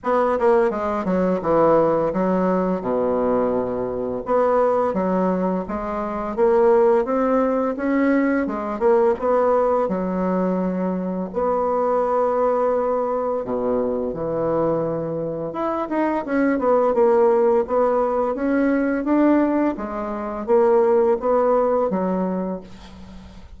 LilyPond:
\new Staff \with { instrumentName = "bassoon" } { \time 4/4 \tempo 4 = 85 b8 ais8 gis8 fis8 e4 fis4 | b,2 b4 fis4 | gis4 ais4 c'4 cis'4 | gis8 ais8 b4 fis2 |
b2. b,4 | e2 e'8 dis'8 cis'8 b8 | ais4 b4 cis'4 d'4 | gis4 ais4 b4 fis4 | }